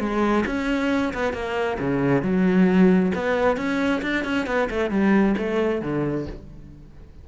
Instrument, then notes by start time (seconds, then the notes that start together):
cello
0.00 G#3
0.47 C#4
1.14 B3
1.34 A#3
1.80 C#3
2.23 F#3
3.15 B3
3.57 C#4
4.03 D4
4.25 C#4
4.47 B3
4.71 A3
4.91 G3
5.38 A3
5.82 D3